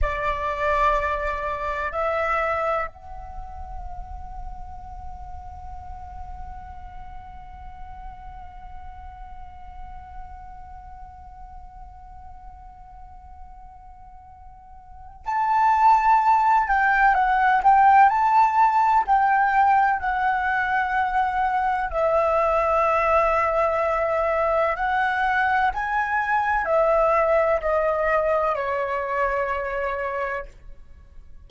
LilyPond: \new Staff \with { instrumentName = "flute" } { \time 4/4 \tempo 4 = 63 d''2 e''4 fis''4~ | fis''1~ | fis''1~ | fis''1 |
a''4. g''8 fis''8 g''8 a''4 | g''4 fis''2 e''4~ | e''2 fis''4 gis''4 | e''4 dis''4 cis''2 | }